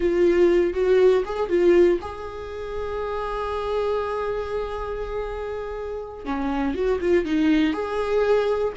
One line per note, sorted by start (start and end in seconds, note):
0.00 0.73 F4
0.73 1.23 F#4
1.25 1.49 G#4
1.49 1.99 F4
2.01 6.25 G#4
6.25 6.74 C#4
6.74 6.99 F#4
7.00 7.25 F4
7.25 7.72 D#4
7.72 8.72 G#4